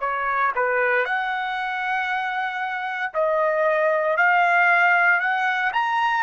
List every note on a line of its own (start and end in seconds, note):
0.00 0.52 C#5
0.55 1.05 B4
1.05 3.12 F#5
3.14 4.17 D#5
4.17 5.20 F5
5.20 5.72 F#5
5.73 6.24 A#5